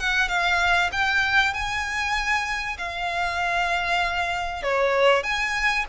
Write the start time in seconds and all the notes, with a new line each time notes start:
0.00 F#5
0.29 F5
0.93 G5
1.54 G#5
2.78 F5
4.63 C#5
5.24 G#5